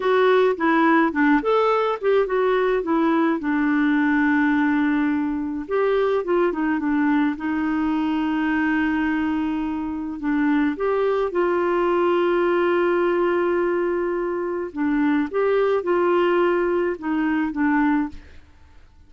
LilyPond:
\new Staff \with { instrumentName = "clarinet" } { \time 4/4 \tempo 4 = 106 fis'4 e'4 d'8 a'4 g'8 | fis'4 e'4 d'2~ | d'2 g'4 f'8 dis'8 | d'4 dis'2.~ |
dis'2 d'4 g'4 | f'1~ | f'2 d'4 g'4 | f'2 dis'4 d'4 | }